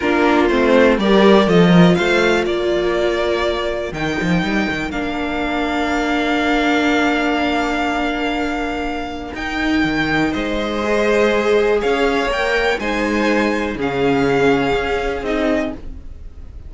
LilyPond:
<<
  \new Staff \with { instrumentName = "violin" } { \time 4/4 \tempo 4 = 122 ais'4 c''4 d''4 dis''4 | f''4 d''2. | g''2 f''2~ | f''1~ |
f''2. g''4~ | g''4 dis''2. | f''4 g''4 gis''2 | f''2. dis''4 | }
  \new Staff \with { instrumentName = "violin" } { \time 4/4 f'2 ais'4 a'8 ais'8 | c''4 ais'2.~ | ais'1~ | ais'1~ |
ais'1~ | ais'4 c''2. | cis''2 c''2 | gis'1 | }
  \new Staff \with { instrumentName = "viola" } { \time 4/4 d'4 c'4 g'4 f'4~ | f'1 | dis'2 d'2~ | d'1~ |
d'2. dis'4~ | dis'2 gis'2~ | gis'4 ais'4 dis'2 | cis'2. dis'4 | }
  \new Staff \with { instrumentName = "cello" } { \time 4/4 ais4 a4 g4 f4 | a4 ais2. | dis8 f8 g8 dis8 ais2~ | ais1~ |
ais2. dis'4 | dis4 gis2. | cis'4 ais4 gis2 | cis2 cis'4 c'4 | }
>>